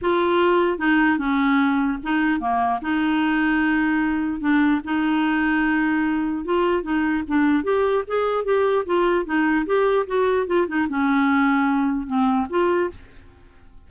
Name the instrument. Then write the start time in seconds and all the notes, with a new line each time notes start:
clarinet
0.01 F4
0.78 D#4
1.18 C#4
2.03 D#4
2.40 A#3
2.81 D#4
4.40 D4
4.84 D#4
6.44 F4
6.82 D#4
7.27 D4
7.63 G4
8.07 G#4
8.44 G4
8.85 F4
9.25 D#4
9.66 G4
10.06 F#4
10.46 F4
10.67 D#4
10.88 C#4
12.06 C4
12.49 F4